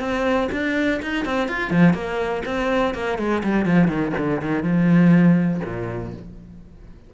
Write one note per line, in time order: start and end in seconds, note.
0.00 0.49 C4
0.52 1.01 D4
1.02 1.25 D#4
1.25 1.49 C4
1.49 1.71 F4
1.71 1.94 F3
1.94 2.43 A#3
2.46 2.94 C4
2.94 3.18 A#3
3.18 3.43 G#3
3.44 3.66 G3
3.66 3.88 F3
3.88 4.13 D#3
4.18 4.42 D3
4.42 4.63 D#3
4.63 5.61 F3
5.65 6.14 A#2